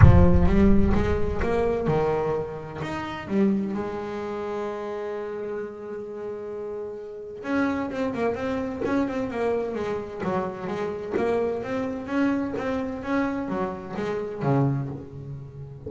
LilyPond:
\new Staff \with { instrumentName = "double bass" } { \time 4/4 \tempo 4 = 129 f4 g4 gis4 ais4 | dis2 dis'4 g4 | gis1~ | gis1 |
cis'4 c'8 ais8 c'4 cis'8 c'8 | ais4 gis4 fis4 gis4 | ais4 c'4 cis'4 c'4 | cis'4 fis4 gis4 cis4 | }